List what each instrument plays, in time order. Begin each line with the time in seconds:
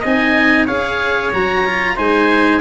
0.00 tuba C4, cello D#4, trumpet D#5, oboe G#5
0.65 tuba C#4, cello G#4, trumpet C#5, oboe F5
1.33 tuba F#3, cello F#4, oboe A#5
1.66 cello F4
1.96 tuba G#3, cello D#4, trumpet C5, oboe G#5